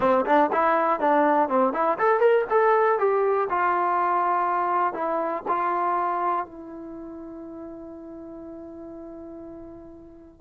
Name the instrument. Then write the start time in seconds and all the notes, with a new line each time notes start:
trombone
0.00 C4
0.25 D4
0.52 E4
1.00 D4
1.49 C4
1.73 E4
1.98 A4
2.20 A#4
2.50 A4
2.98 G4
3.49 F4
4.93 E4
5.47 F4
6.45 E4